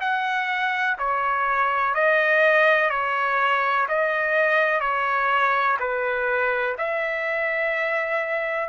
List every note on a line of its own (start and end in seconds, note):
0.00 0.97 F#5
0.98 1.94 C#5
1.94 2.90 D#5
2.90 3.87 C#5
3.88 4.80 D#5
4.80 5.77 C#5
5.79 6.76 B4
6.77 8.69 E5